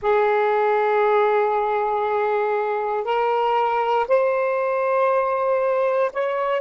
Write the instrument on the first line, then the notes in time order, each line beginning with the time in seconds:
saxophone
0.01 G#4
3.04 A#4
4.07 C5
6.12 C#5